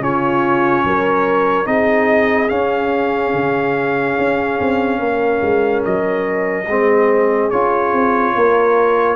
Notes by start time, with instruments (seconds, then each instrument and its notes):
0.00 tuba C#3, trombone C#4, horn F4, trumpet C#5
0.84 tuba F#3, horn A#4
1.65 tuba C4, trombone D#4, horn G#4, trumpet D#5
2.49 trombone C#4, tuba C#4, trumpet F5
3.34 tuba C#3
4.19 tuba C#4
4.61 tuba C4
5.00 tuba A#3, horn A#4
5.42 tuba G#3
5.85 tuba F#3, trumpet D#5
6.68 tuba G#3, trombone C4, horn G#4
7.51 tuba C#4, trombone F4, trumpet C#5
7.93 tuba C4
8.35 tuba A#3, horn A#4